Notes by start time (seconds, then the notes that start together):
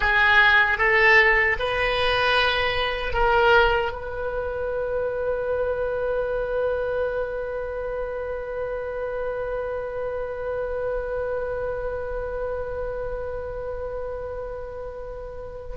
0.00 G#4
0.78 A4
1.59 B4
3.13 A#4
3.92 B4